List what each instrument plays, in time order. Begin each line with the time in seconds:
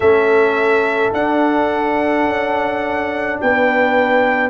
0.00 tuba A3, trombone C#4, horn A4, trumpet E5
1.12 tuba D4, trombone D4, trumpet F#5
2.25 tuba C#4
3.41 tuba B3, horn B4, trumpet G5